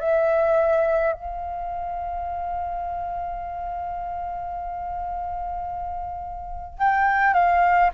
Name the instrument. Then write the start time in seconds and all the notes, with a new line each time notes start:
flute
0.00 E5
1.13 F5
6.79 G5
7.34 F5